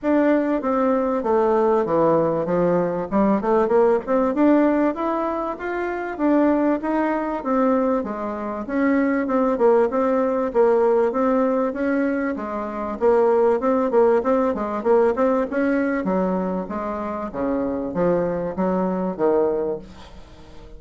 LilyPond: \new Staff \with { instrumentName = "bassoon" } { \time 4/4 \tempo 4 = 97 d'4 c'4 a4 e4 | f4 g8 a8 ais8 c'8 d'4 | e'4 f'4 d'4 dis'4 | c'4 gis4 cis'4 c'8 ais8 |
c'4 ais4 c'4 cis'4 | gis4 ais4 c'8 ais8 c'8 gis8 | ais8 c'8 cis'4 fis4 gis4 | cis4 f4 fis4 dis4 | }